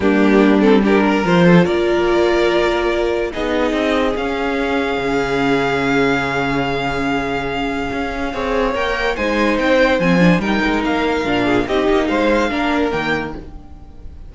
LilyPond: <<
  \new Staff \with { instrumentName = "violin" } { \time 4/4 \tempo 4 = 144 g'4. a'8 ais'4 c''4 | d''1 | dis''2 f''2~ | f''1~ |
f''1~ | f''4 g''4 gis''4 g''4 | gis''4 g''4 f''2 | dis''4 f''2 g''4 | }
  \new Staff \with { instrumentName = "violin" } { \time 4/4 d'2 g'8 ais'4 a'8 | ais'1 | gis'1~ | gis'1~ |
gis'1 | cis''2 c''2~ | c''4 ais'2~ ais'8 gis'8 | g'4 c''4 ais'2 | }
  \new Staff \with { instrumentName = "viola" } { \time 4/4 ais4. c'8 d'4 f'4~ | f'1 | dis'2 cis'2~ | cis'1~ |
cis'1 | gis'4 ais'4 dis'2 | c'8 d'8 dis'2 d'4 | dis'2 d'4 ais4 | }
  \new Staff \with { instrumentName = "cello" } { \time 4/4 g2. f4 | ais1 | b4 c'4 cis'2 | cis1~ |
cis2. cis'4 | c'4 ais4 gis4 c'4 | f4 g8 gis8 ais4 ais,4 | c'8 ais8 gis4 ais4 dis4 | }
>>